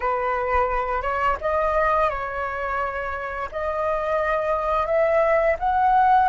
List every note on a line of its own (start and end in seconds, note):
0.00 1.01 B4
1.01 1.36 C#5
1.40 2.09 D#5
2.09 3.49 C#5
3.51 4.86 D#5
4.86 5.56 E5
5.59 6.28 F#5